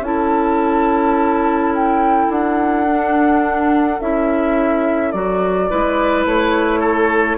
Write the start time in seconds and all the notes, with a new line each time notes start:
0.00 C#4 E4 A4 A5
1.74 G5
2.29 D4 F#5
2.87 D4
4.00 C#4 E4 E5
5.11 F#3 F#4 D5
5.70 G#3 E4 B4
6.25 A3 C#5
6.79 A4